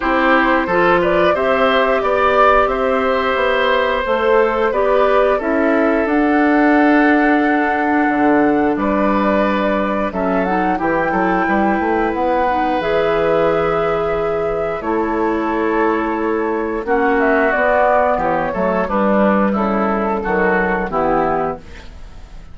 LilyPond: <<
  \new Staff \with { instrumentName = "flute" } { \time 4/4 \tempo 4 = 89 c''4. d''8 e''4 d''4 | e''2 c''4 d''4 | e''4 fis''2.~ | fis''4 d''2 e''8 fis''8 |
g''2 fis''4 e''4~ | e''2 cis''2~ | cis''4 fis''8 e''8 d''4 cis''4 | b'4 a'2 g'4 | }
  \new Staff \with { instrumentName = "oboe" } { \time 4/4 g'4 a'8 b'8 c''4 d''4 | c''2. b'4 | a'1~ | a'4 b'2 a'4 |
g'8 a'8 b'2.~ | b'2 a'2~ | a'4 fis'2 g'8 a'8 | d'4 e'4 fis'4 e'4 | }
  \new Staff \with { instrumentName = "clarinet" } { \time 4/4 e'4 f'4 g'2~ | g'2 a'4 g'4 | e'4 d'2.~ | d'2. cis'8 dis'8 |
e'2~ e'8 dis'8 gis'4~ | gis'2 e'2~ | e'4 cis'4 b4. a8 | g2 fis4 b4 | }
  \new Staff \with { instrumentName = "bassoon" } { \time 4/4 c'4 f4 c'4 b4 | c'4 b4 a4 b4 | cis'4 d'2. | d4 g2 fis4 |
e8 fis8 g8 a8 b4 e4~ | e2 a2~ | a4 ais4 b4 e8 fis8 | g4 cis4 dis4 e4 | }
>>